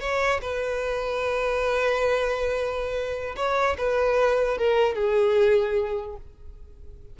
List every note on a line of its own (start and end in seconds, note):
0.00 0.41 C#5
0.41 3.35 B4
3.36 3.77 C#5
3.78 4.58 B4
4.58 4.95 A#4
4.95 6.17 G#4